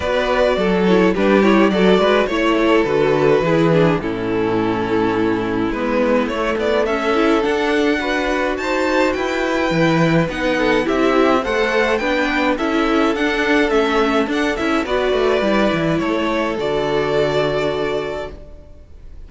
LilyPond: <<
  \new Staff \with { instrumentName = "violin" } { \time 4/4 \tempo 4 = 105 d''4. cis''8 b'8 cis''8 d''4 | cis''4 b'2 a'4~ | a'2 b'4 cis''8 d''8 | e''4 fis''2 a''4 |
g''2 fis''4 e''4 | fis''4 g''4 e''4 fis''4 | e''4 fis''8 e''8 d''2 | cis''4 d''2. | }
  \new Staff \with { instrumentName = "violin" } { \time 4/4 b'4 a'4 g'4 a'8 b'8 | cis''8 a'4. gis'4 e'4~ | e'1 | a'2 b'4 c''4 |
b'2~ b'8 a'8 g'4 | c''4 b'4 a'2~ | a'2 b'2 | a'1 | }
  \new Staff \with { instrumentName = "viola" } { \time 4/4 fis'4. e'8 d'8 e'8 fis'4 | e'4 fis'4 e'8 d'8 cis'4~ | cis'2 b4 a4~ | a8 e'8 d'4 fis'2~ |
fis'4 e'4 dis'4 e'4 | a'4 d'4 e'4 d'4 | cis'4 d'8 e'8 fis'4 e'4~ | e'4 fis'2. | }
  \new Staff \with { instrumentName = "cello" } { \time 4/4 b4 fis4 g4 fis8 gis8 | a4 d4 e4 a,4~ | a,2 gis4 a8 b8 | cis'4 d'2 dis'4 |
e'4 e4 b4 c'4 | a4 b4 cis'4 d'4 | a4 d'8 cis'8 b8 a8 g8 e8 | a4 d2. | }
>>